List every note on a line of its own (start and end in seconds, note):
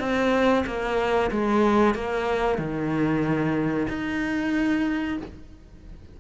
0.00 0.65 C4
0.66 1.31 A#3
1.31 1.95 G#3
1.95 2.58 A#3
2.58 3.87 D#3
3.89 5.18 D#4